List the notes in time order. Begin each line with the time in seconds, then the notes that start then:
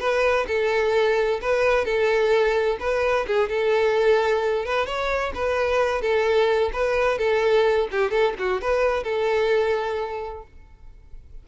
0.00 B4
0.48 A4
1.42 B4
1.85 A4
2.80 B4
3.27 G#4
3.49 A4
4.66 B4
4.86 C#5
5.35 B4
6.02 A4
6.74 B4
7.19 A4
7.92 G4
8.11 A4
8.39 F#4
8.62 B4
9.04 A4